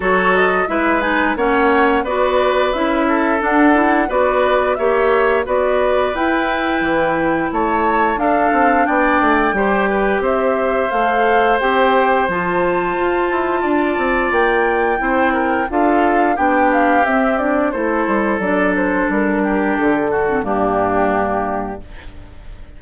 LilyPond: <<
  \new Staff \with { instrumentName = "flute" } { \time 4/4 \tempo 4 = 88 cis''8 dis''8 e''8 gis''8 fis''4 d''4 | e''4 fis''4 d''4 e''4 | d''4 g''2 a''4 | f''4 g''2 e''4 |
f''4 g''4 a''2~ | a''4 g''2 f''4 | g''8 f''8 e''8 d''8 c''4 d''8 c''8 | ais'4 a'4 g'2 | }
  \new Staff \with { instrumentName = "oboe" } { \time 4/4 a'4 b'4 cis''4 b'4~ | b'8 a'4. b'4 cis''4 | b'2. cis''4 | a'4 d''4 c''8 b'8 c''4~ |
c''1 | d''2 c''8 ais'8 a'4 | g'2 a'2~ | a'8 g'4 fis'8 d'2 | }
  \new Staff \with { instrumentName = "clarinet" } { \time 4/4 fis'4 e'8 dis'8 cis'4 fis'4 | e'4 d'8 e'8 fis'4 g'4 | fis'4 e'2. | d'2 g'2 |
a'4 g'4 f'2~ | f'2 e'4 f'4 | d'4 c'8 d'8 e'4 d'4~ | d'4.~ d'16 c'16 ais2 | }
  \new Staff \with { instrumentName = "bassoon" } { \time 4/4 fis4 gis4 ais4 b4 | cis'4 d'4 b4 ais4 | b4 e'4 e4 a4 | d'8 c'8 b8 a8 g4 c'4 |
a4 c'4 f4 f'8 e'8 | d'8 c'8 ais4 c'4 d'4 | b4 c'4 a8 g8 fis4 | g4 d4 g,2 | }
>>